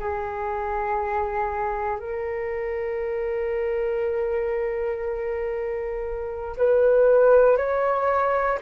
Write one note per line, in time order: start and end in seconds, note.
0.00 1.99 G#4
1.99 6.57 A#4
6.57 7.57 B4
7.57 8.59 C#5